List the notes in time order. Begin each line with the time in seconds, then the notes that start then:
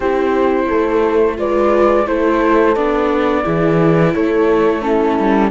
0.00 C4 E4 G4 C5
0.67 A3 A4
1.36 G#3 F4 B4 D5
2.06 A3 E4 A4 C5
2.75 B3 D4 D5
3.43 E3 E4 G#4
4.13 A3 A4 C#5
4.81 C#4 E4 A4
5.19 G3